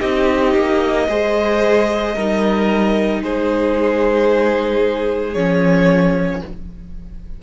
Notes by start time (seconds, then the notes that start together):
0.00 C4 D#4 G4 D#5
0.54 A#3
1.08 G#3 G#4 C5
2.15 G3 D#4 A#4
3.21 G#3 G#4 C5
5.34 F3 C#4 C#5